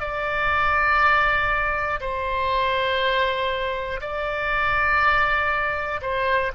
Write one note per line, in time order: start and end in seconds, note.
0.00 2.00 D5
2.00 4.00 C5
4.00 6.00 D5
6.01 6.51 C5